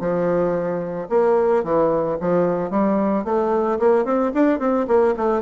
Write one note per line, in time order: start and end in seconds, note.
0.00 1.08 F3
1.10 1.64 A#3
1.64 2.18 E3
2.21 2.70 F3
2.70 3.24 G3
3.25 3.79 A3
3.79 4.05 A#3
4.05 4.32 C4
4.34 4.59 D4
4.59 4.86 C4
4.88 5.15 A#3
5.17 5.42 A3